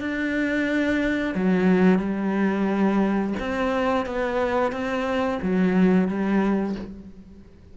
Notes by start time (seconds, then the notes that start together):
0.00 D4
1.35 F#3
1.99 G3
3.40 C4
4.06 B3
4.72 C4
5.42 F#3
6.08 G3